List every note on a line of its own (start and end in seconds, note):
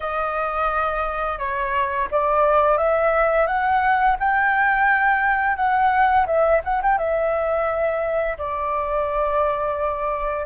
0.00 1.38 D#5
1.38 2.08 C#5
2.11 2.77 D5
2.77 3.46 E5
3.46 4.16 F#5
4.19 5.56 G5
5.56 6.26 F#5
6.26 6.61 E5
6.64 6.81 F#5
6.82 6.98 G5
6.98 8.37 E5
8.38 10.46 D5